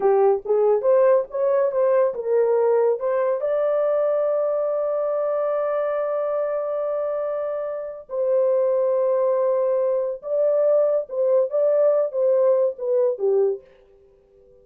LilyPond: \new Staff \with { instrumentName = "horn" } { \time 4/4 \tempo 4 = 141 g'4 gis'4 c''4 cis''4 | c''4 ais'2 c''4 | d''1~ | d''1~ |
d''2. c''4~ | c''1 | d''2 c''4 d''4~ | d''8 c''4. b'4 g'4 | }